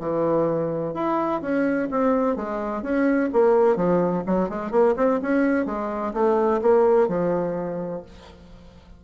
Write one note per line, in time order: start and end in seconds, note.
0.00 0.94 E3
0.94 1.42 E4
1.42 1.89 C#4
1.91 2.36 C4
2.36 2.83 G#3
2.83 3.30 C#4
3.33 3.76 A#3
3.76 4.24 F3
4.27 4.50 F#3
4.50 4.72 G#3
4.72 4.95 A#3
4.97 5.21 C4
5.23 5.66 C#4
5.66 6.14 G#3
6.14 6.61 A3
6.62 7.08 A#3
7.08 8.03 F3